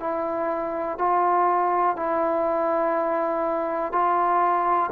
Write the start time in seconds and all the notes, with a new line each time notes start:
0.00 E4
0.98 F4
1.96 E4
3.92 F4